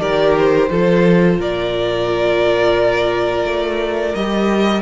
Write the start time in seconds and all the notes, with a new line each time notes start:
0.00 D#3 G4 A#4 D5
0.39 C5
0.70 F3 F4 A4
1.39 A#2 A#4 D5
3.46 A3
4.15 G3 G4 D#5